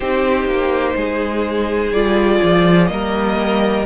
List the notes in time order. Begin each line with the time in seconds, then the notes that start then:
0.00 C4 D#4 G4 C5
0.45 A#3
0.96 G#3 G#4
1.91 G3 F4 D5
2.43 F3
2.86 G3 A#3 A#4 D#5